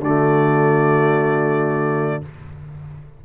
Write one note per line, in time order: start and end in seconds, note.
0.00 2.21 D3
0.00 2.22 A3
0.00 2.23 F#4
0.00 2.25 D5